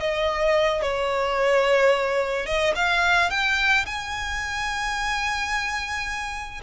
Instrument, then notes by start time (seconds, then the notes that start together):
violin
0.00 D#5
0.82 C#5
2.46 D#5
2.75 F5
3.31 G5
3.86 G#5